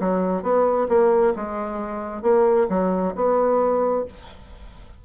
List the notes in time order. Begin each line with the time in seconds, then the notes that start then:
0.00 F#3
0.42 B3
0.88 A#3
1.36 G#3
2.22 A#3
2.69 F#3
3.15 B3